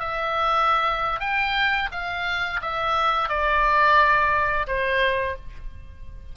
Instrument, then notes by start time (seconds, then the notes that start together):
oboe
0.00 E5
1.20 G5
1.92 F5
2.62 E5
3.29 D5
4.67 C5